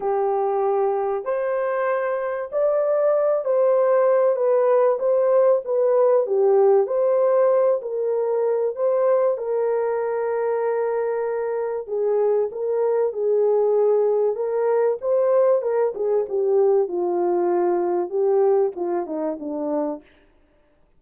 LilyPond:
\new Staff \with { instrumentName = "horn" } { \time 4/4 \tempo 4 = 96 g'2 c''2 | d''4. c''4. b'4 | c''4 b'4 g'4 c''4~ | c''8 ais'4. c''4 ais'4~ |
ais'2. gis'4 | ais'4 gis'2 ais'4 | c''4 ais'8 gis'8 g'4 f'4~ | f'4 g'4 f'8 dis'8 d'4 | }